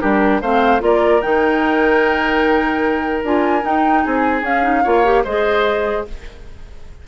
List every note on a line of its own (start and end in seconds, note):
0.00 0.41 G3
0.00 0.42 D4
0.00 0.41 G4
0.00 0.40 A#4
0.41 0.81 A3
0.41 0.80 C4
0.41 0.82 C5
0.41 0.81 F5
0.80 1.21 A#3
0.80 1.20 F4
0.80 4.04 A#4
0.80 1.21 D5
1.21 3.23 D#3
1.21 3.24 D#4
1.21 3.22 G5
3.23 3.63 D4
3.23 3.61 F4
3.23 3.65 G#5
3.61 4.41 D#4
3.61 4.04 D#4
3.61 4.04 G5
4.04 4.42 C4
4.04 4.83 G#4
4.04 4.44 G#5
4.42 4.82 C#4
4.42 4.62 C#4
4.42 5.24 F5
4.62 4.83 D#4
4.83 5.25 A#3
4.83 5.04 F4
4.83 5.23 C#5
5.04 5.24 G4
5.23 6.05 G#3
5.23 6.07 G#4
5.23 6.04 C5
5.23 6.05 D#5